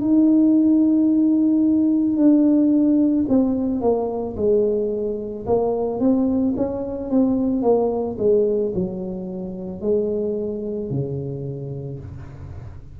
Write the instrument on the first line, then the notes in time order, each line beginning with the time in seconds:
tuba
0.00 D#4
2.16 D4
3.28 C4
3.81 A#3
4.36 G#3
5.46 A#3
6.00 C4
6.56 C#4
7.10 C4
7.62 A#3
8.18 G#3
8.74 F#3
9.81 G#3
10.90 C#3